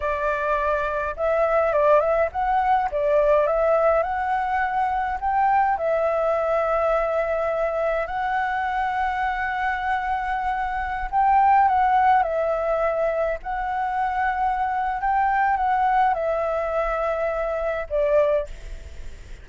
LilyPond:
\new Staff \with { instrumentName = "flute" } { \time 4/4 \tempo 4 = 104 d''2 e''4 d''8 e''8 | fis''4 d''4 e''4 fis''4~ | fis''4 g''4 e''2~ | e''2 fis''2~ |
fis''2.~ fis''16 g''8.~ | g''16 fis''4 e''2 fis''8.~ | fis''2 g''4 fis''4 | e''2. d''4 | }